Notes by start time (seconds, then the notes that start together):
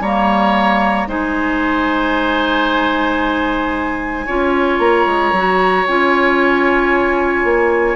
0.00 G3 A#3 C#5 A#5
1.08 G#3 D#4 C5 G#5
4.26 C#4 F4 C#5
4.79 A#3 A#5
5.06 G#3
5.32 F#3 F#4
5.87 C#4 F4 G#5
7.44 A#3